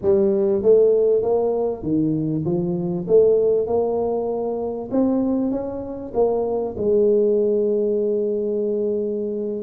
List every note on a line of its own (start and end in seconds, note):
0.01 0.62 G3
0.62 1.22 A3
1.22 1.82 A#3
1.82 2.44 D#3
2.45 3.06 F3
3.07 3.67 A3
3.67 4.89 A#3
4.91 5.51 C4
5.51 6.12 C#4
6.14 6.75 A#3
6.77 9.63 G#3